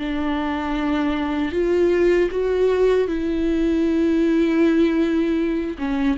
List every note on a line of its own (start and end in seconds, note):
0.00 1.52 D4
1.52 2.29 F4
2.31 3.08 F#4
3.08 5.77 E4
5.79 6.17 C#4